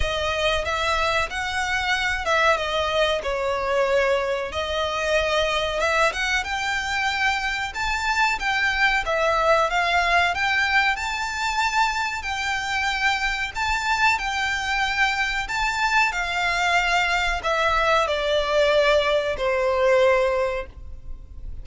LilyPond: \new Staff \with { instrumentName = "violin" } { \time 4/4 \tempo 4 = 93 dis''4 e''4 fis''4. e''8 | dis''4 cis''2 dis''4~ | dis''4 e''8 fis''8 g''2 | a''4 g''4 e''4 f''4 |
g''4 a''2 g''4~ | g''4 a''4 g''2 | a''4 f''2 e''4 | d''2 c''2 | }